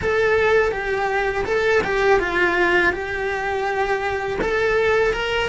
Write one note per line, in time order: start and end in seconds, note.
0.01 0.72 A4
0.72 1.45 G4
1.45 1.81 A4
1.83 2.19 G4
2.19 2.92 F4
2.92 4.39 G4
4.41 5.13 A4
5.13 5.48 A#4